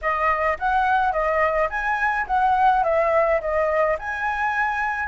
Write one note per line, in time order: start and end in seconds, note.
0.01 0.58 D#5
0.58 1.12 F#5
1.12 1.69 D#5
1.69 2.26 G#5
2.26 2.83 F#5
2.83 3.40 E5
3.40 3.97 D#5
3.98 5.08 G#5